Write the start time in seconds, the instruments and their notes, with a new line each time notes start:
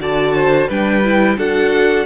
0.00 cello D3, viola F#4, violin D5 A5
0.35 violin C5
0.69 cello G3, viola D4, violin B4 G5
1.04 viola E4
1.37 cello D4, viola F#4, violin A4 F#5